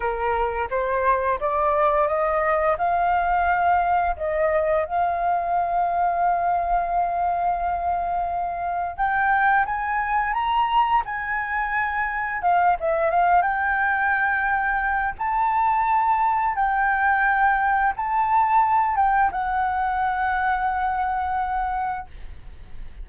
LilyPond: \new Staff \with { instrumentName = "flute" } { \time 4/4 \tempo 4 = 87 ais'4 c''4 d''4 dis''4 | f''2 dis''4 f''4~ | f''1~ | f''4 g''4 gis''4 ais''4 |
gis''2 f''8 e''8 f''8 g''8~ | g''2 a''2 | g''2 a''4. g''8 | fis''1 | }